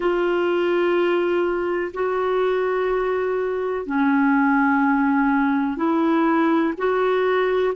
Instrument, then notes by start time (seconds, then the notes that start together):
clarinet
0.00 F4
1.94 F#4
3.86 C#4
5.76 E4
6.77 F#4